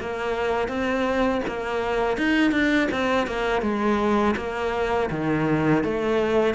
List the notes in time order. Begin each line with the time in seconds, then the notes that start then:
0.00 A#3
0.69 C4
1.47 A#3
2.18 D#4
2.51 D4
2.91 C4
3.27 A#3
3.62 G#3
4.37 A#3
5.11 D#3
5.84 A3